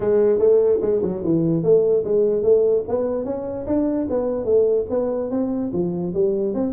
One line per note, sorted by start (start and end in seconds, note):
0.00 0.38 G#3
0.38 0.79 A3
0.81 1.01 G#3
1.02 1.22 F#3
1.24 1.63 E3
1.63 2.04 A3
2.04 2.42 G#3
2.42 2.83 A3
2.88 3.24 B3
3.24 3.65 C#4
3.66 4.07 D4
4.09 4.44 B3
4.44 4.85 A3
4.89 5.30 B3
5.30 5.71 C4
5.73 6.13 F3
6.14 6.54 G3
6.54 6.73 C4